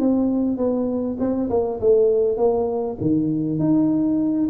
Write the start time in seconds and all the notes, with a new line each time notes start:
0.00 C4
0.58 B3
1.20 C4
1.50 A#3
1.81 A3
2.38 A#3
3.01 D#3
3.60 D#4